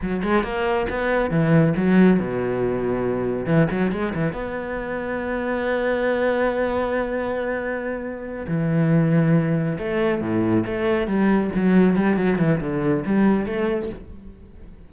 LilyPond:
\new Staff \with { instrumentName = "cello" } { \time 4/4 \tempo 4 = 138 fis8 gis8 ais4 b4 e4 | fis4 b,2. | e8 fis8 gis8 e8 b2~ | b1~ |
b2.~ b8 e8~ | e2~ e8 a4 a,8~ | a,8 a4 g4 fis4 g8 | fis8 e8 d4 g4 a4 | }